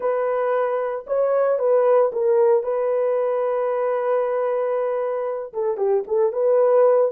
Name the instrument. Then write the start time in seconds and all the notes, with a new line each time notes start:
horn
0.00 B4
1.06 C#5
1.58 B4
2.12 A#4
2.63 B4
5.53 A4
5.77 G4
6.07 A4
6.32 B4